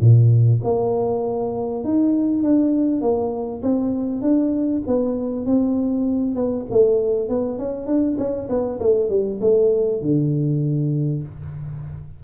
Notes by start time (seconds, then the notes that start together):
0.00 A#2
0.63 A#3
1.84 D#4
2.43 D4
3.01 A#3
3.62 C4
4.21 D4
4.87 B3
5.46 C4
6.35 B3
6.70 A3
7.28 B3
7.58 C#4
7.86 D4
8.18 C#4
8.49 B3
8.80 A3
9.09 G3
9.40 A3
10.01 D3